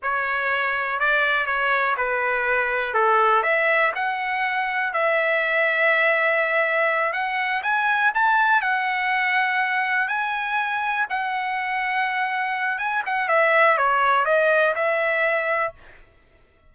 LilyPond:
\new Staff \with { instrumentName = "trumpet" } { \time 4/4 \tempo 4 = 122 cis''2 d''4 cis''4 | b'2 a'4 e''4 | fis''2 e''2~ | e''2~ e''8 fis''4 gis''8~ |
gis''8 a''4 fis''2~ fis''8~ | fis''8 gis''2 fis''4.~ | fis''2 gis''8 fis''8 e''4 | cis''4 dis''4 e''2 | }